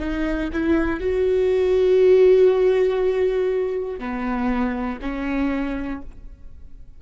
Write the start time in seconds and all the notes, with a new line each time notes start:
0.00 D#4
0.53 E4
1.00 F#4
3.99 B3
5.01 C#4